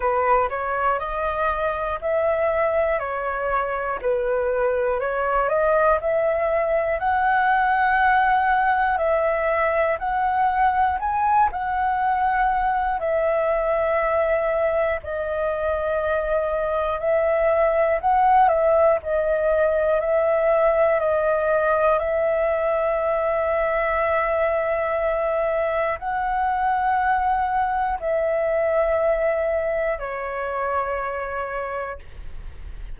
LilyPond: \new Staff \with { instrumentName = "flute" } { \time 4/4 \tempo 4 = 60 b'8 cis''8 dis''4 e''4 cis''4 | b'4 cis''8 dis''8 e''4 fis''4~ | fis''4 e''4 fis''4 gis''8 fis''8~ | fis''4 e''2 dis''4~ |
dis''4 e''4 fis''8 e''8 dis''4 | e''4 dis''4 e''2~ | e''2 fis''2 | e''2 cis''2 | }